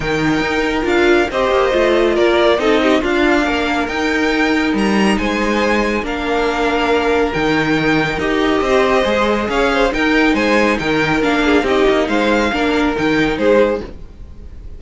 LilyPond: <<
  \new Staff \with { instrumentName = "violin" } { \time 4/4 \tempo 4 = 139 g''2 f''4 dis''4~ | dis''4 d''4 dis''4 f''4~ | f''4 g''2 ais''4 | gis''2 f''2~ |
f''4 g''2 dis''4~ | dis''2 f''4 g''4 | gis''4 g''4 f''4 dis''4 | f''2 g''4 c''4 | }
  \new Staff \with { instrumentName = "violin" } { \time 4/4 ais'2. c''4~ | c''4 ais'4 a'8 g'8 f'4 | ais'1 | c''2 ais'2~ |
ais'1 | c''2 cis''8 c''8 ais'4 | c''4 ais'4. gis'8 g'4 | c''4 ais'2 gis'4 | }
  \new Staff \with { instrumentName = "viola" } { \time 4/4 dis'2 f'4 g'4 | f'2 dis'4 d'4~ | d'4 dis'2.~ | dis'2 d'2~ |
d'4 dis'2 g'4~ | g'4 gis'2 dis'4~ | dis'2 d'4 dis'4~ | dis'4 d'4 dis'2 | }
  \new Staff \with { instrumentName = "cello" } { \time 4/4 dis4 dis'4 d'4 c'8 ais8 | a4 ais4 c'4 d'4 | ais4 dis'2 g4 | gis2 ais2~ |
ais4 dis2 dis'4 | c'4 gis4 cis'4 dis'4 | gis4 dis4 ais4 c'8 ais8 | gis4 ais4 dis4 gis4 | }
>>